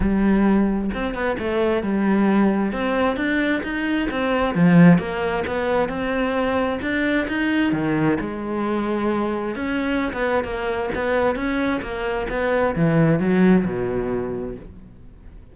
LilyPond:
\new Staff \with { instrumentName = "cello" } { \time 4/4 \tempo 4 = 132 g2 c'8 b8 a4 | g2 c'4 d'4 | dis'4 c'4 f4 ais4 | b4 c'2 d'4 |
dis'4 dis4 gis2~ | gis4 cis'4~ cis'16 b8. ais4 | b4 cis'4 ais4 b4 | e4 fis4 b,2 | }